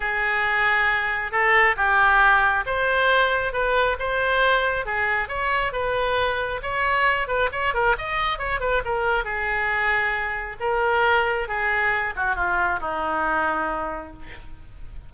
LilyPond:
\new Staff \with { instrumentName = "oboe" } { \time 4/4 \tempo 4 = 136 gis'2. a'4 | g'2 c''2 | b'4 c''2 gis'4 | cis''4 b'2 cis''4~ |
cis''8 b'8 cis''8 ais'8 dis''4 cis''8 b'8 | ais'4 gis'2. | ais'2 gis'4. fis'8 | f'4 dis'2. | }